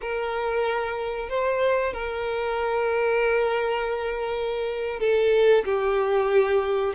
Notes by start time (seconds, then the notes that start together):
0.01 A#4
1.29 C5
1.93 A#4
4.99 A4
5.64 G4